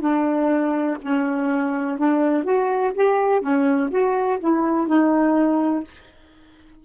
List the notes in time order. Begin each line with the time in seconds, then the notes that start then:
0.00 D4
1.02 C#4
1.98 D4
2.44 F#4
2.94 G4
3.41 C#4
3.90 F#4
4.39 E4
4.87 D#4